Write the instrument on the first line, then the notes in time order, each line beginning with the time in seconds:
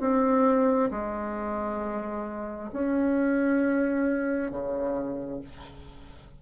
bassoon
0.00 C4
0.91 G#3
2.73 C#4
4.51 C#3